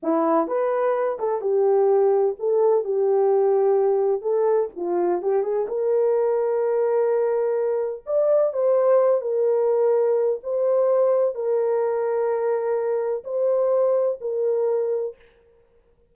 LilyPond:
\new Staff \with { instrumentName = "horn" } { \time 4/4 \tempo 4 = 127 e'4 b'4. a'8 g'4~ | g'4 a'4 g'2~ | g'4 a'4 f'4 g'8 gis'8 | ais'1~ |
ais'4 d''4 c''4. ais'8~ | ais'2 c''2 | ais'1 | c''2 ais'2 | }